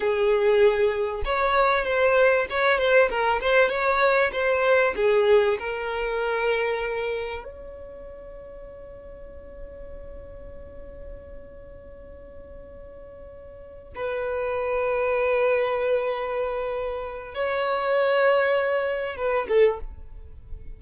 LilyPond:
\new Staff \with { instrumentName = "violin" } { \time 4/4 \tempo 4 = 97 gis'2 cis''4 c''4 | cis''8 c''8 ais'8 c''8 cis''4 c''4 | gis'4 ais'2. | cis''1~ |
cis''1~ | cis''2~ cis''8 b'4.~ | b'1 | cis''2. b'8 a'8 | }